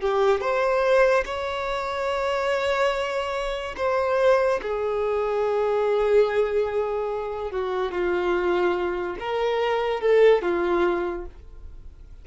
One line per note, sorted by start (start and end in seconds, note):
0.00 0.41 G4
0.41 1.24 C5
1.25 3.75 C#5
3.77 4.60 C5
4.62 7.51 G#4
7.51 7.91 F#4
7.91 9.16 F4
9.19 10.01 A#4
10.01 10.42 A4
10.42 11.25 F4